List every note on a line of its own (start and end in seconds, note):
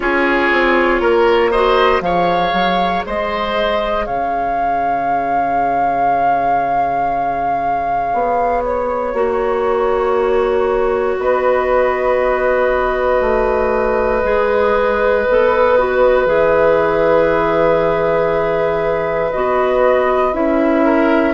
0.00 0.51 C#4
0.00 1.52 F4
0.00 1.01 G#4
0.00 1.50 C#5
0.51 1.00 C4
1.00 2.00 A#3
1.00 1.51 A#4
1.50 2.02 F#4
1.50 2.02 C5
1.50 2.01 D#5
2.00 2.51 F3
2.00 9.14 G#4
2.00 3.06 C#5
2.00 3.03 F5
2.52 3.03 F#3
3.06 4.07 G#3
3.06 4.06 C5
3.06 4.06 D#5
4.06 8.13 C#3
4.06 11.17 C#5
4.06 8.63 F5
8.13 9.13 B3
8.64 11.18 C#5
9.13 11.17 A#3
9.13 14.22 F#4
11.18 13.21 B3
11.18 20.85 B4
11.18 16.27 D#5
13.21 14.22 A3
14.23 15.25 G#3
14.23 15.24 G#4
15.29 16.25 B3
15.29 15.78 A4
15.78 16.26 F#4
16.25 19.30 E3
16.25 19.31 G#4
16.25 19.32 E5
19.32 20.33 B3
19.32 20.32 F#4
19.32 20.33 D#5
20.32 21.34 C#4
20.32 21.34 E4
20.32 21.34 E5
20.85 21.34 A#4